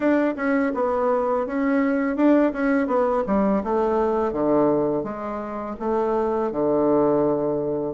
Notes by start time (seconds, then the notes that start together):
0.00 D4
0.36 C#4
0.74 B3
1.46 C#4
2.16 D4
2.52 C#4
2.87 B3
3.26 G3
3.63 A3
4.32 D3
5.03 G#3
5.79 A3
6.51 D3